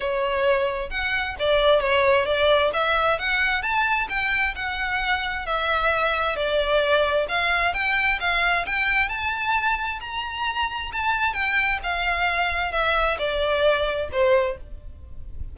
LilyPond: \new Staff \with { instrumentName = "violin" } { \time 4/4 \tempo 4 = 132 cis''2 fis''4 d''4 | cis''4 d''4 e''4 fis''4 | a''4 g''4 fis''2 | e''2 d''2 |
f''4 g''4 f''4 g''4 | a''2 ais''2 | a''4 g''4 f''2 | e''4 d''2 c''4 | }